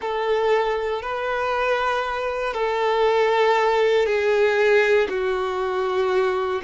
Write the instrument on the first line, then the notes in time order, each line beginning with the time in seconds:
violin
0.00 A4
1.02 B4
2.53 A4
4.05 G#4
5.08 F#4